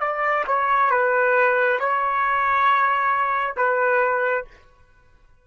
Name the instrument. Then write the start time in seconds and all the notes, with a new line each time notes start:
trumpet
0.00 D5
0.47 C#5
0.91 B4
1.79 C#5
3.57 B4